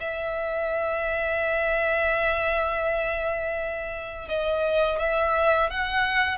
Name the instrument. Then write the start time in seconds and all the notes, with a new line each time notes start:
violin
0.00 E5
4.28 D#5
4.99 E5
5.70 F#5